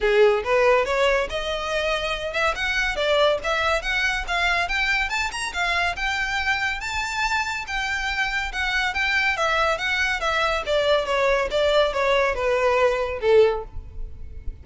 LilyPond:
\new Staff \with { instrumentName = "violin" } { \time 4/4 \tempo 4 = 141 gis'4 b'4 cis''4 dis''4~ | dis''4. e''8 fis''4 d''4 | e''4 fis''4 f''4 g''4 | a''8 ais''8 f''4 g''2 |
a''2 g''2 | fis''4 g''4 e''4 fis''4 | e''4 d''4 cis''4 d''4 | cis''4 b'2 a'4 | }